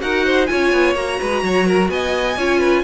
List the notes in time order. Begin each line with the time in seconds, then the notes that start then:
0.00 D#4 F#4 A#4 F#5
0.26 C5
0.46 C#4 F4 C#5 G#5
0.72 B3
0.95 A#3 F#4 A#5
1.20 G#3 B4
1.43 F#3 C#5
1.67 A#4
1.89 B3 D#5 G#5
2.37 C#4 F4 C#5
2.59 B4